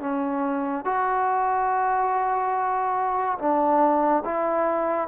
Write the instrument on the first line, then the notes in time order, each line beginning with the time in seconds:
trombone
0.00 C#4
0.85 F#4
3.38 D4
4.25 E4